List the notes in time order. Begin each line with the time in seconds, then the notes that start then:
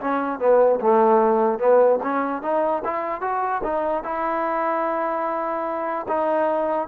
0.00 C#4
0.39 B3
0.80 A3
1.58 B3
2.02 C#4
2.42 D#4
2.84 E4
3.21 F#4
3.63 D#4
4.04 E4
6.08 D#4